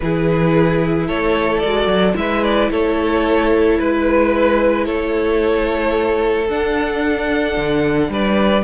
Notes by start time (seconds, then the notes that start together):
0.00 E3 E4 G#4 B4
1.07 A3 A4 C#5
1.59 G#3 F#4 D5
1.86 F#3
2.14 G#3 E4 B4 E5
2.43 D5
2.70 A3 A4 C#5
3.79 G#3 B4
4.85 A3 A4 C#5
6.49 D4 F#5
7.57 D3
8.08 G3 B4 D5